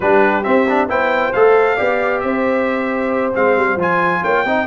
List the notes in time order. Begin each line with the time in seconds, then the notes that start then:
0.00 G3 D4 G4 B4
0.43 C4 E5
0.69 D4
0.88 B3 E4 C5 G5
1.33 A3 A4 F5
1.75 B3 G4 D5
2.20 C4 C5 E5
3.33 G#3 C4 F5
3.56 G3
3.76 F3 F4 G#5
4.22 A#3 C#5 G5
4.45 C4 D#4 D#5